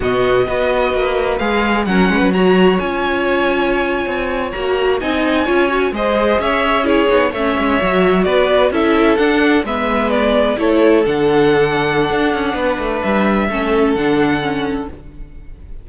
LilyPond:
<<
  \new Staff \with { instrumentName = "violin" } { \time 4/4 \tempo 4 = 129 dis''2. f''4 | fis''4 ais''4 gis''2~ | gis''4.~ gis''16 ais''4 gis''4~ gis''16~ | gis''8. dis''4 e''4 cis''4 e''16~ |
e''4.~ e''16 d''4 e''4 fis''16~ | fis''8. e''4 d''4 cis''4 fis''16~ | fis''1 | e''2 fis''2 | }
  \new Staff \with { instrumentName = "violin" } { \time 4/4 fis'4 b'2. | ais'8 b'8 cis''2.~ | cis''2~ cis''8. dis''4 cis''16~ | cis''8. c''4 cis''4 gis'4 cis''16~ |
cis''4.~ cis''16 b'4 a'4~ a'16~ | a'8. b'2 a'4~ a'16~ | a'2. b'4~ | b'4 a'2. | }
  \new Staff \with { instrumentName = "viola" } { \time 4/4 b4 fis'2 gis'4 | cis'4 fis'4 f'2~ | f'4.~ f'16 fis'4 dis'4 f'16~ | f'16 fis'8 gis'2 e'8 dis'8 cis'16~ |
cis'8. fis'2 e'4 d'16~ | d'8. b2 e'4 d'16~ | d'1~ | d'4 cis'4 d'4 cis'4 | }
  \new Staff \with { instrumentName = "cello" } { \time 4/4 b,4 b4 ais4 gis4 | fis8 gis16 fis4~ fis16 cis'2~ | cis'8. c'4 ais4 c'4 cis'16~ | cis'8. gis4 cis'4. b8 a16~ |
a16 gis8 fis4 b4 cis'4 d'16~ | d'8. gis2 a4 d16~ | d2 d'8 cis'8 b8 a8 | g4 a4 d2 | }
>>